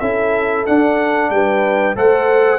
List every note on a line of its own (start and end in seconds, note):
0.00 0.67 C#4
0.00 0.67 E4
0.00 1.30 A4
0.00 0.65 E5
0.66 1.96 D4
0.66 1.30 D4
0.66 1.30 F#5
1.30 1.95 G3
1.30 1.96 B4
1.30 1.96 G5
1.96 2.59 A3
1.96 2.59 A4
1.96 2.59 C5
1.96 2.59 F#5